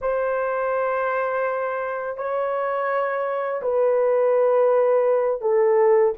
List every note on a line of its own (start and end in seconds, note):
0.01 2.17 C5
2.17 3.61 C#5
3.61 5.41 B4
5.41 6.13 A4